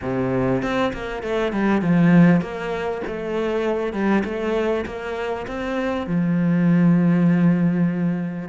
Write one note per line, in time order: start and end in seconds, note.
0.02 0.62 C3
0.62 0.92 C4
0.93 1.22 A#3
1.22 1.52 A3
1.52 1.81 G3
1.81 2.41 F3
2.41 3.01 A#3
3.07 3.92 A3
3.92 4.23 G3
4.24 4.85 A3
4.85 5.46 A#3
5.47 6.06 C4
6.06 8.48 F3